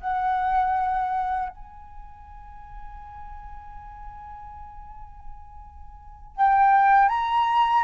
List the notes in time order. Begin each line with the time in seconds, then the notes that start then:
0.00 F#5
1.49 G#5
6.36 G5
7.09 A#5